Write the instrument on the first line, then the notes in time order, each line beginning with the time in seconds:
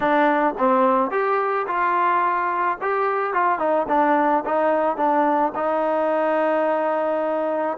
trombone
0.00 D4
0.58 C4
1.10 G4
1.67 F4
2.81 G4
3.33 F4
3.58 D#4
3.88 D4
4.45 D#4
4.96 D4
5.55 D#4